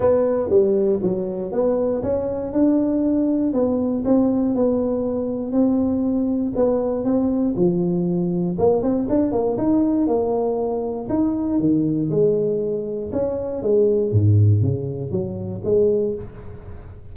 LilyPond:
\new Staff \with { instrumentName = "tuba" } { \time 4/4 \tempo 4 = 119 b4 g4 fis4 b4 | cis'4 d'2 b4 | c'4 b2 c'4~ | c'4 b4 c'4 f4~ |
f4 ais8 c'8 d'8 ais8 dis'4 | ais2 dis'4 dis4 | gis2 cis'4 gis4 | gis,4 cis4 fis4 gis4 | }